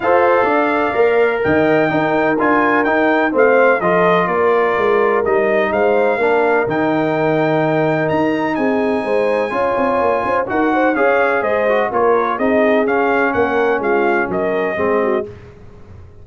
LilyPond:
<<
  \new Staff \with { instrumentName = "trumpet" } { \time 4/4 \tempo 4 = 126 f''2. g''4~ | g''4 gis''4 g''4 f''4 | dis''4 d''2 dis''4 | f''2 g''2~ |
g''4 ais''4 gis''2~ | gis''2 fis''4 f''4 | dis''4 cis''4 dis''4 f''4 | fis''4 f''4 dis''2 | }
  \new Staff \with { instrumentName = "horn" } { \time 4/4 c''4 d''2 dis''4 | ais'2. c''4 | a'4 ais'2. | c''4 ais'2.~ |
ais'2 gis'4 c''4 | cis''4. c''8 ais'8 c''8 cis''4 | c''4 ais'4 gis'2 | ais'4 f'4 ais'4 gis'8 fis'8 | }
  \new Staff \with { instrumentName = "trombone" } { \time 4/4 a'2 ais'2 | dis'4 f'4 dis'4 c'4 | f'2. dis'4~ | dis'4 d'4 dis'2~ |
dis'1 | f'2 fis'4 gis'4~ | gis'8 fis'8 f'4 dis'4 cis'4~ | cis'2. c'4 | }
  \new Staff \with { instrumentName = "tuba" } { \time 4/4 f'4 d'4 ais4 dis4 | dis'4 d'4 dis'4 a4 | f4 ais4 gis4 g4 | gis4 ais4 dis2~ |
dis4 dis'4 c'4 gis4 | cis'8 c'8 ais8 cis'8 dis'4 cis'4 | gis4 ais4 c'4 cis'4 | ais4 gis4 fis4 gis4 | }
>>